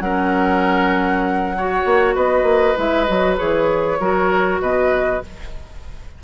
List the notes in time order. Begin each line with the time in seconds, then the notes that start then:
0.00 F#3 C#4 A#4 F#5
1.57 F#4 C#5
1.85 A#3
2.15 B3 B4 D#5
2.42 A#3
2.76 G#3 E4 E5
3.04 F#3 F#4 D#5
3.37 E3 G#4 C#5
3.99 F#3 F#4 A#4
4.60 B2 B4 D#5